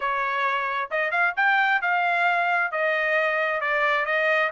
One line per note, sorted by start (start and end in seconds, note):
0.00 0.89 C#5
0.90 1.11 D#5
1.11 1.33 F5
1.36 1.81 G5
1.81 2.71 F5
2.71 3.60 D#5
3.60 4.05 D5
4.05 4.50 D#5